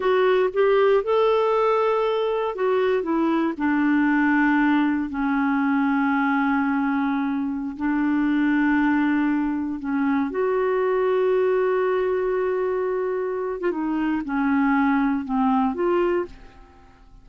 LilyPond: \new Staff \with { instrumentName = "clarinet" } { \time 4/4 \tempo 4 = 118 fis'4 g'4 a'2~ | a'4 fis'4 e'4 d'4~ | d'2 cis'2~ | cis'2.~ cis'16 d'8.~ |
d'2.~ d'16 cis'8.~ | cis'16 fis'2.~ fis'8.~ | fis'2~ fis'8. f'16 dis'4 | cis'2 c'4 f'4 | }